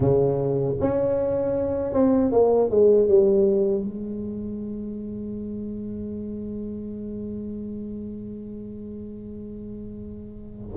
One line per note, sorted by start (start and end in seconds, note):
0.00 0.74 C#3
0.80 1.93 C#4
1.93 2.31 C4
2.31 2.70 A#3
2.70 3.08 G#3
3.08 3.84 G3
3.84 10.76 G#3